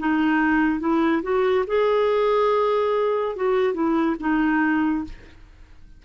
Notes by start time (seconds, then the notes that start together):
0.00 D#4
0.80 E4
1.23 F#4
1.67 G#4
3.36 F#4
3.74 E4
4.20 D#4